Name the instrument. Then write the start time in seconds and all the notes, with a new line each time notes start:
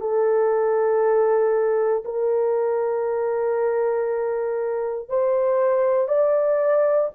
horn
0.00 A4
2.05 A#4
5.08 C5
6.08 D5